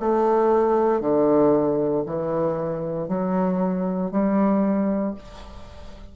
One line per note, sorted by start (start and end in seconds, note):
0.00 1.01 A3
1.01 2.04 D3
2.05 3.08 E3
3.08 4.11 F#3
4.11 5.14 G3